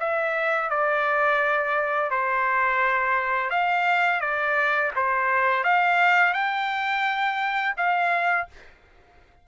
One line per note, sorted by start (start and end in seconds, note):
0.00 0.70 E5
0.70 2.11 D5
2.11 3.50 C5
3.50 4.21 F5
4.21 4.92 D5
4.96 5.64 C5
5.64 6.34 F5
6.34 7.75 G5
7.77 8.48 F5